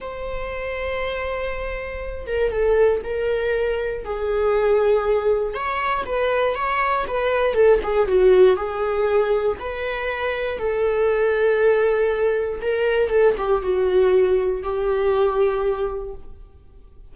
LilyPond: \new Staff \with { instrumentName = "viola" } { \time 4/4 \tempo 4 = 119 c''1~ | c''8 ais'8 a'4 ais'2 | gis'2. cis''4 | b'4 cis''4 b'4 a'8 gis'8 |
fis'4 gis'2 b'4~ | b'4 a'2.~ | a'4 ais'4 a'8 g'8 fis'4~ | fis'4 g'2. | }